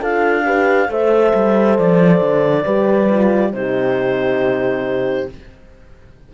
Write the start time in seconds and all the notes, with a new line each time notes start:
0.00 D4 F4 A4 F5
0.44 G4 B4
0.89 A3 A4 C5 E5
1.35 G3
1.78 F3 D5
2.21 D3
2.64 G3 G4 B4
3.10 F4
3.53 C3 D#4 G4 C5